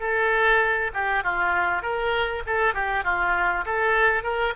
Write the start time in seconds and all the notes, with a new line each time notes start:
0.00 A4
0.94 G4
1.24 F4
1.82 A#4
2.46 A4
2.74 G4
3.04 F4
3.66 A4
4.23 A#4